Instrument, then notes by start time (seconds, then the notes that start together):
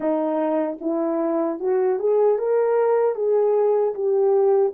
horn
0.00 D#4
0.80 E4
1.59 F#4
1.99 G#4
2.38 A#4
3.15 G#4
3.94 G4